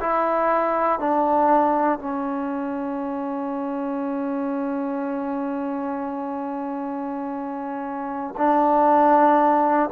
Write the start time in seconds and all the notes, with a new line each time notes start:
0.00 E4
0.99 D4
1.99 C#4
8.37 D4